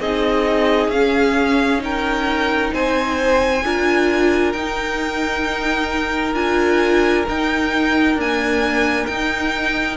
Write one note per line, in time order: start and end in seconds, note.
0.00 0.88 C4
0.00 0.93 D#4
0.00 1.82 G#4
0.00 0.90 D#5
0.88 2.70 C#4
0.88 1.79 C#4
0.88 1.81 F5
1.79 3.61 D#4
1.79 2.73 A#4
1.79 2.74 G5
2.73 3.64 C4
2.73 3.64 C5
2.73 4.53 G#5
3.64 4.54 D4
3.64 4.55 F4
3.64 9.98 A#4
4.53 6.34 D#4
4.53 6.35 D#4
4.53 6.34 G5
6.34 7.25 D4
6.34 7.26 F4
6.34 7.26 G#5
7.29 8.15 D#4
7.29 8.20 D#4
7.29 8.20 G5
8.15 9.09 A#3
8.15 9.06 D4
8.15 9.06 G#5
9.06 9.98 D#4
9.06 9.97 G5